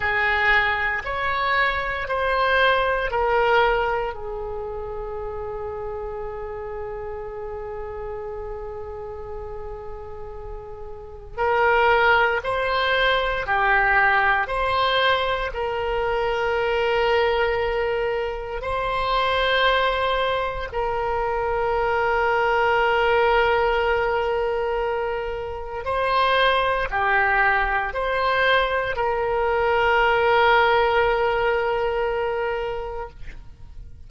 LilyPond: \new Staff \with { instrumentName = "oboe" } { \time 4/4 \tempo 4 = 58 gis'4 cis''4 c''4 ais'4 | gis'1~ | gis'2. ais'4 | c''4 g'4 c''4 ais'4~ |
ais'2 c''2 | ais'1~ | ais'4 c''4 g'4 c''4 | ais'1 | }